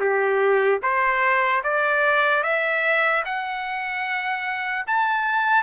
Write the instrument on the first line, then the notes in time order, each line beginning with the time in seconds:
trumpet
0.00 G4
0.82 C5
1.63 D5
2.43 E5
3.25 F#5
4.87 A5